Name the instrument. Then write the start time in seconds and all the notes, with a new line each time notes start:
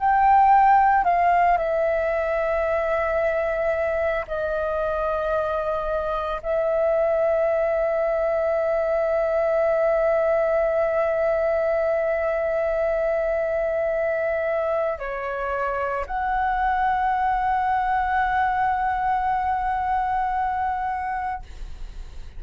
flute
0.00 G5
1.05 F5
1.58 E5
4.28 D#5
6.43 E5
14.99 C#5
16.07 F#5